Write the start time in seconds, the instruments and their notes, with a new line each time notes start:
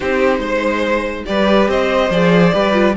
0.00 cello C4, viola D#4, violin G4 C5
0.39 cello G#3, violin C5
1.25 cello G3, viola G4, violin B4 D5
1.68 cello C4, violin C5 D#5
2.10 cello F3, viola G#4, violin D5
2.53 cello G3, viola G4, violin B4
2.72 viola F4